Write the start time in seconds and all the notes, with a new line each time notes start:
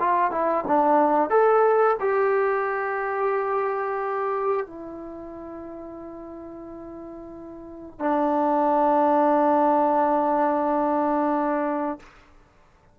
0.00 F4
0.32 E4
0.68 D4
1.31 A4
2.00 G4
4.67 E4
8.00 D4